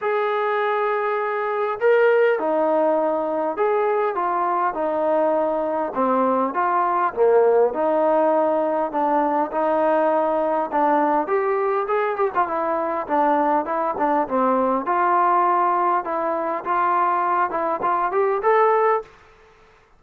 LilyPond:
\new Staff \with { instrumentName = "trombone" } { \time 4/4 \tempo 4 = 101 gis'2. ais'4 | dis'2 gis'4 f'4 | dis'2 c'4 f'4 | ais4 dis'2 d'4 |
dis'2 d'4 g'4 | gis'8 g'16 f'16 e'4 d'4 e'8 d'8 | c'4 f'2 e'4 | f'4. e'8 f'8 g'8 a'4 | }